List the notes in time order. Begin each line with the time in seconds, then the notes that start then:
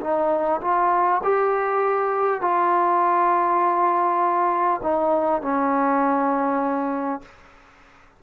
0.00 D#4
0.61 F4
1.23 G4
2.41 F4
4.83 D#4
5.41 C#4